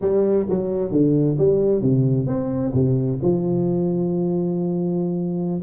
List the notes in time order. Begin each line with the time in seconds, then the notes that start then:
0.01 G3
0.49 F#3
0.91 D3
1.38 G3
1.81 C3
2.26 C4
2.74 C3
3.22 F3